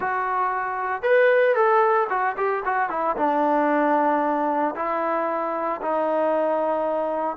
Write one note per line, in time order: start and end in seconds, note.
0.00 1.02 F#4
1.02 1.55 B4
1.55 2.07 A4
2.09 2.35 F#4
2.36 2.63 G4
2.65 2.89 F#4
2.89 3.16 E4
3.17 4.74 D4
4.75 5.80 E4
5.81 7.36 D#4